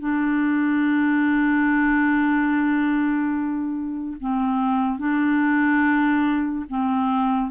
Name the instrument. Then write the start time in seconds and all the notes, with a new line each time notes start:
clarinet
0.00 D4
4.21 C4
4.99 D4
6.70 C4